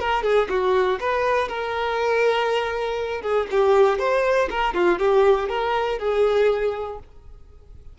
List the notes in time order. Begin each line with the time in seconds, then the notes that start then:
0.00 A#4
0.23 G#4
0.50 F#4
1.00 B4
1.49 A#4
3.22 G#4
3.51 G4
3.99 C5
4.50 A#4
4.74 F4
4.99 G4
5.49 A#4
5.99 G#4